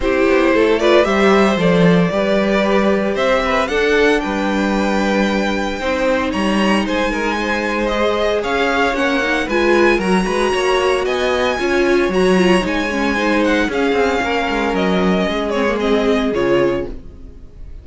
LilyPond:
<<
  \new Staff \with { instrumentName = "violin" } { \time 4/4 \tempo 4 = 114 c''4. d''8 e''4 d''4~ | d''2 e''4 fis''4 | g''1 | ais''4 gis''2 dis''4 |
f''4 fis''4 gis''4 ais''4~ | ais''4 gis''2 ais''4 | gis''4. fis''8 f''2 | dis''4. cis''8 dis''4 cis''4 | }
  \new Staff \with { instrumentName = "violin" } { \time 4/4 g'4 a'8 b'8 c''2 | b'2 c''8 b'8 a'4 | b'2. c''4 | cis''4 c''8 ais'8 c''2 |
cis''2 b'4 ais'8 b'8 | cis''4 dis''4 cis''2~ | cis''4 c''4 gis'4 ais'4~ | ais'4 gis'2. | }
  \new Staff \with { instrumentName = "viola" } { \time 4/4 e'4. f'8 g'4 a'4 | g'2. d'4~ | d'2. dis'4~ | dis'2. gis'4~ |
gis'4 cis'8 dis'8 f'4 fis'4~ | fis'2 f'4 fis'8 f'8 | dis'8 cis'8 dis'4 cis'2~ | cis'4. c'16 ais16 c'4 f'4 | }
  \new Staff \with { instrumentName = "cello" } { \time 4/4 c'8 b8 a4 g4 f4 | g2 c'4 d'4 | g2. c'4 | g4 gis2. |
cis'4 ais4 gis4 fis8 gis8 | ais4 b4 cis'4 fis4 | gis2 cis'8 c'8 ais8 gis8 | fis4 gis2 cis4 | }
>>